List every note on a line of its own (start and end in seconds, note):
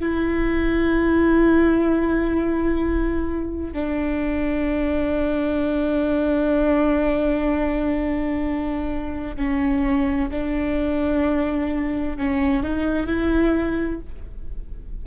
0.00 3.73 E4
3.73 9.36 D4
9.36 10.30 C#4
10.31 12.18 D4
12.18 12.63 C#4
12.63 13.07 D#4
13.07 14.00 E4